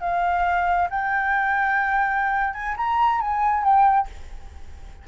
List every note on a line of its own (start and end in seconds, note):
0.00 0.88 F5
0.90 2.53 G5
2.53 2.75 G#5
2.77 3.21 A#5
3.21 3.63 G#5
3.63 4.07 G5